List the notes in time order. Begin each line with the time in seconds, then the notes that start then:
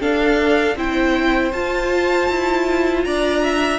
0.00 D4 A4 F5
0.75 C4 E4 C5 G5
1.52 F4 A5
2.28 E4
3.04 D4 D5 A#5
3.43 E5